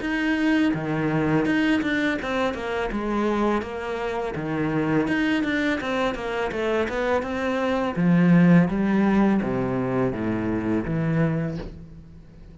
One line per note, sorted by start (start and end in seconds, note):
0.00 0.72 D#4
0.74 1.45 D#3
1.45 1.81 D#4
1.81 2.18 D4
2.21 2.54 C4
2.54 2.90 A#3
2.91 3.62 G#3
3.62 4.34 A#3
4.35 5.07 D#3
5.07 5.43 D#4
5.43 5.80 D4
5.80 6.14 C4
6.14 6.51 A#3
6.51 6.87 A3
6.88 7.22 B3
7.22 7.95 C4
7.96 8.68 F3
8.68 9.40 G3
9.41 10.12 C3
10.12 10.85 A2
10.85 11.57 E3